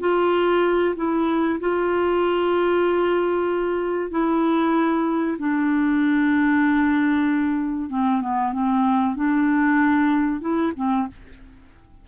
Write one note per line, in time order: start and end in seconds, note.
0.00 0.95 F4
0.96 1.59 E4
1.60 4.11 F4
4.11 5.37 E4
5.38 7.89 D4
7.89 8.21 C4
8.21 8.52 B3
8.52 9.15 C4
9.16 10.40 D4
10.40 10.72 E4
10.76 11.08 C4